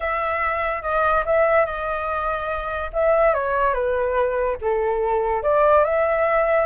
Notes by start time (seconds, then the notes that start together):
0.00 E5
0.82 D#5
1.25 E5
1.65 D#5
2.93 E5
3.34 C#5
3.73 B4
4.61 A4
5.42 D5
5.84 E5